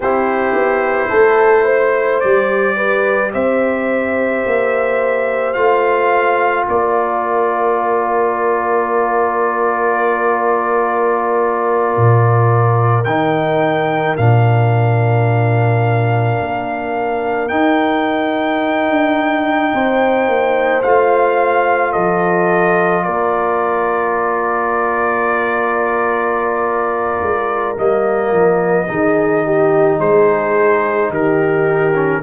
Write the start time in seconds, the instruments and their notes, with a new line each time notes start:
0.00 tuba C4, trombone E4, horn G4, trumpet C5
0.54 tuba B3
1.09 tuba A3, horn A4
1.65 horn C5
2.20 tuba G3, trombone G4, trumpet D5
2.76 horn B4
3.33 tuba C4, horn C5, trumpet E5
4.46 tuba A#3
5.53 tuba A3, trombone F4, trumpet F5
6.68 tuba A#3, horn A#4, trumpet D5
11.96 tuba A#2
13.04 tuba D#3, trombone D#4, trumpet G5
14.16 tuba A#2, trombone D4, trumpet F5
16.41 tuba A#3
17.48 trombone D#4, tuba D#4, trumpet G5
18.89 tuba D4
19.73 tuba C4, horn C5
20.27 tuba A#3
20.82 tuba A3, trombone F4, trumpet F5
21.92 tuba F3, horn A4, trumpet D#5
23.03 tuba A#3, horn A#4, trumpet D5
27.21 tuba G#3
27.77 tuba G3, trombone A#3, trumpet D#5
28.32 tuba F3
28.87 tuba D#3, trombone D#4, horn G#4
29.45 horn G4
29.98 tuba G#3, horn G#4, trumpet C5
31.09 tuba D#3, horn G4, trumpet A#4
31.94 trombone C#4